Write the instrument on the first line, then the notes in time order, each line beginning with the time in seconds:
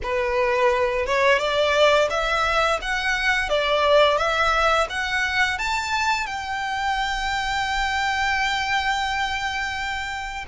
violin
0.03 B4
1.06 C#5
1.38 D5
2.10 E5
2.81 F#5
3.49 D5
4.17 E5
4.89 F#5
5.58 A5
6.26 G5